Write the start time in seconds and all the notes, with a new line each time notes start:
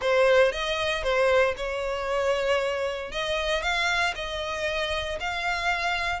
0.01 C5
0.52 D#5
1.03 C5
1.56 C#5
3.11 D#5
3.62 F5
4.15 D#5
5.20 F5